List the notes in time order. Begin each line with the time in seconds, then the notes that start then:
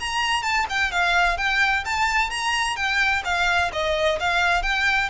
0.00 A#5
0.43 A5
0.69 G5
0.92 F5
1.38 G5
1.85 A5
2.30 A#5
2.76 G5
3.25 F5
3.73 D#5
4.20 F5
4.63 G5